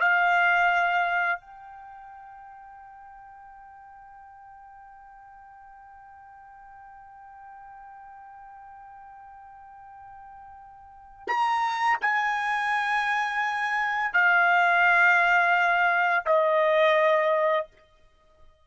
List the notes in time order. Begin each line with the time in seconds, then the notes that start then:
0.00 F5
1.41 G5
11.28 A#5
12.01 G#5
14.13 F5
16.26 D#5